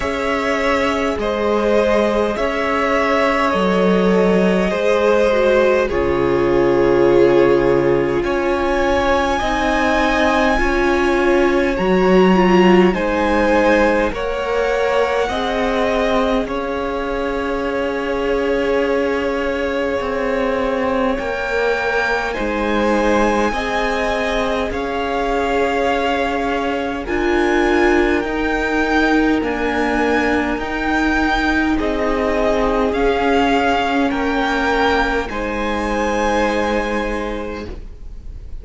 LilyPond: <<
  \new Staff \with { instrumentName = "violin" } { \time 4/4 \tempo 4 = 51 e''4 dis''4 e''4 dis''4~ | dis''4 cis''2 gis''4~ | gis''2 ais''4 gis''4 | fis''2 f''2~ |
f''2 g''4 gis''4~ | gis''4 f''2 gis''4 | g''4 gis''4 g''4 dis''4 | f''4 g''4 gis''2 | }
  \new Staff \with { instrumentName = "violin" } { \time 4/4 cis''4 c''4 cis''2 | c''4 gis'2 cis''4 | dis''4 cis''2 c''4 | cis''4 dis''4 cis''2~ |
cis''2. c''4 | dis''4 cis''2 ais'4~ | ais'2. gis'4~ | gis'4 ais'4 c''2 | }
  \new Staff \with { instrumentName = "viola" } { \time 4/4 gis'2. a'4 | gis'8 fis'8 f'2. | dis'4 f'4 fis'8 f'8 dis'4 | ais'4 gis'2.~ |
gis'2 ais'4 dis'4 | gis'2. f'4 | dis'4 ais4 dis'2 | cis'2 dis'2 | }
  \new Staff \with { instrumentName = "cello" } { \time 4/4 cis'4 gis4 cis'4 fis4 | gis4 cis2 cis'4 | c'4 cis'4 fis4 gis4 | ais4 c'4 cis'2~ |
cis'4 c'4 ais4 gis4 | c'4 cis'2 d'4 | dis'4 d'4 dis'4 c'4 | cis'4 ais4 gis2 | }
>>